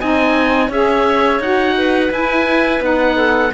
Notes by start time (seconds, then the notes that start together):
0.00 C4 D#4 D#5 G#5
0.69 C#4 G#4 C#5 E5
1.39 D#4 F#4 F#5
1.77 B4
2.10 E4 G#5
2.80 B3 D#4 F#5
3.16 A4